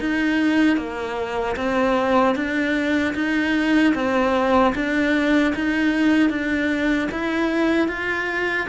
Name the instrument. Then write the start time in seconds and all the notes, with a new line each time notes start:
cello
0.00 D#4
0.77 A#3
1.56 C4
2.35 D4
3.15 D#4
3.95 C4
4.75 D4
5.56 D#4
6.30 D4
7.12 E4
7.89 F4